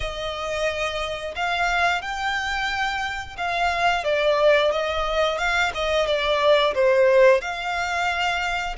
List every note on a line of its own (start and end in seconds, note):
0.00 1.35 D#5
1.35 2.01 F5
2.01 3.36 G5
3.37 4.04 F5
4.04 4.71 D5
4.71 5.37 D#5
5.37 5.71 F5
5.74 6.06 D#5
6.06 6.74 D5
6.74 7.41 C5
7.41 8.76 F5